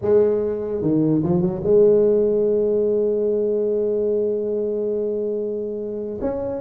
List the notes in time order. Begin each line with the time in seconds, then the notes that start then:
0.01 G#3
0.81 D#3
1.23 F3
1.41 F#3
1.63 G#3
6.21 C#4